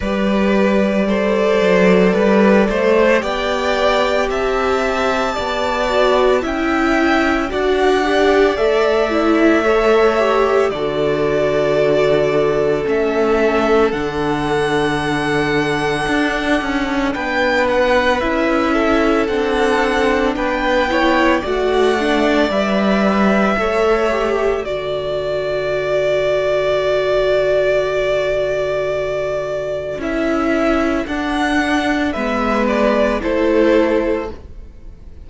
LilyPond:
<<
  \new Staff \with { instrumentName = "violin" } { \time 4/4 \tempo 4 = 56 d''2. g''4 | a''2 g''4 fis''4 | e''2 d''2 | e''4 fis''2. |
g''8 fis''8 e''4 fis''4 g''4 | fis''4 e''2 d''4~ | d''1 | e''4 fis''4 e''8 d''8 c''4 | }
  \new Staff \with { instrumentName = "violin" } { \time 4/4 b'4 c''4 b'8 c''8 d''4 | e''4 d''4 e''4 d''4~ | d''4 cis''4 a'2~ | a'1 |
b'4. a'4. b'8 cis''8 | d''2 cis''4 a'4~ | a'1~ | a'2 b'4 a'4 | }
  \new Staff \with { instrumentName = "viola" } { \time 4/4 g'4 a'2 g'4~ | g'4. fis'8 e'4 fis'8 g'8 | a'8 e'8 a'8 g'8 fis'2 | cis'4 d'2.~ |
d'4 e'4 d'4. e'8 | fis'8 d'8 b'4 a'8 g'8 fis'4~ | fis'1 | e'4 d'4 b4 e'4 | }
  \new Staff \with { instrumentName = "cello" } { \time 4/4 g4. fis8 g8 a8 b4 | c'4 b4 cis'4 d'4 | a2 d2 | a4 d2 d'8 cis'8 |
b4 cis'4 c'4 b4 | a4 g4 a4 d4~ | d1 | cis'4 d'4 gis4 a4 | }
>>